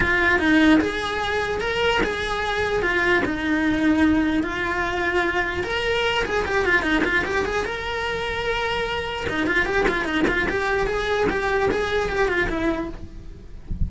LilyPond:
\new Staff \with { instrumentName = "cello" } { \time 4/4 \tempo 4 = 149 f'4 dis'4 gis'2 | ais'4 gis'2 f'4 | dis'2. f'4~ | f'2 ais'4. gis'8 |
g'8 f'8 dis'8 f'8 g'8 gis'8 ais'4~ | ais'2. dis'8 f'8 | g'8 f'8 dis'8 f'8 g'4 gis'4 | g'4 gis'4 g'8 f'8 e'4 | }